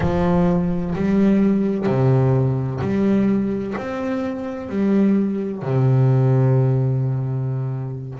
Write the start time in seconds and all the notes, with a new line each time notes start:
0.00 F3
0.95 G3
1.86 C3
2.80 G3
3.77 C4
4.69 G3
5.62 C3